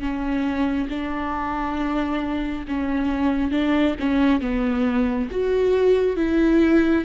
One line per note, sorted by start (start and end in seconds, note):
0.00 0.88 C#4
0.90 2.66 D4
2.68 3.52 C#4
3.52 3.96 D4
4.00 4.41 C#4
4.41 5.29 B3
5.31 6.17 F#4
6.17 7.05 E4